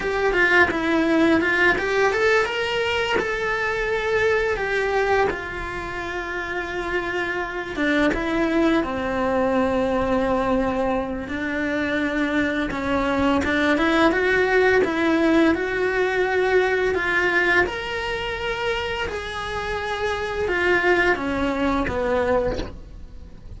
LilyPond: \new Staff \with { instrumentName = "cello" } { \time 4/4 \tempo 4 = 85 g'8 f'8 e'4 f'8 g'8 a'8 ais'8~ | ais'8 a'2 g'4 f'8~ | f'2. d'8 e'8~ | e'8 c'2.~ c'8 |
d'2 cis'4 d'8 e'8 | fis'4 e'4 fis'2 | f'4 ais'2 gis'4~ | gis'4 f'4 cis'4 b4 | }